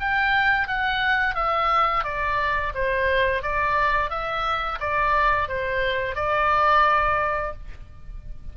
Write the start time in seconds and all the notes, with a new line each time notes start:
0.00 G5
0.68 F#5
1.35 E5
2.04 D5
2.75 C5
3.43 D5
4.10 E5
4.80 D5
5.49 C5
6.16 D5